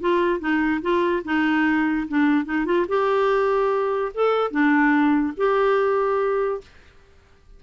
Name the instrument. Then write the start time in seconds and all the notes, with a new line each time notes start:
clarinet
0.00 F4
0.39 D#4
0.81 F4
1.24 D#4
2.08 D4
2.45 D#4
2.65 F4
2.88 G4
4.14 A4
4.51 D4
5.37 G4